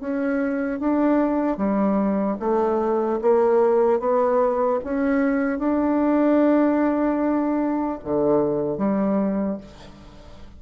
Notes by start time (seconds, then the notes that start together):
0.00 C#4
0.80 D4
1.57 G3
2.40 A3
3.22 A#3
3.99 B3
4.84 C#4
5.59 D4
8.04 D3
8.77 G3